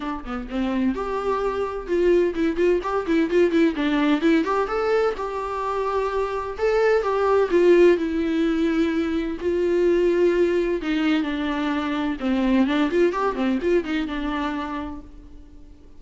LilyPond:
\new Staff \with { instrumentName = "viola" } { \time 4/4 \tempo 4 = 128 d'8 b8 c'4 g'2 | f'4 e'8 f'8 g'8 e'8 f'8 e'8 | d'4 e'8 g'8 a'4 g'4~ | g'2 a'4 g'4 |
f'4 e'2. | f'2. dis'4 | d'2 c'4 d'8 f'8 | g'8 c'8 f'8 dis'8 d'2 | }